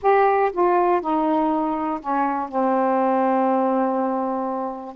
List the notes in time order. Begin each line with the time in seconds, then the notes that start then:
0.02 G4
0.52 F4
1.01 D#4
2.00 C#4
2.48 C4